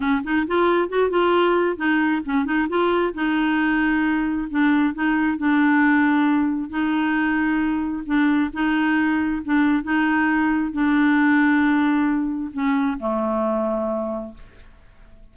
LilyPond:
\new Staff \with { instrumentName = "clarinet" } { \time 4/4 \tempo 4 = 134 cis'8 dis'8 f'4 fis'8 f'4. | dis'4 cis'8 dis'8 f'4 dis'4~ | dis'2 d'4 dis'4 | d'2. dis'4~ |
dis'2 d'4 dis'4~ | dis'4 d'4 dis'2 | d'1 | cis'4 a2. | }